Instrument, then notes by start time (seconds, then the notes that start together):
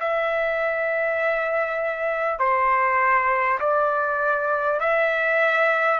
trumpet
0.00 E5
2.39 C5
3.60 D5
4.80 E5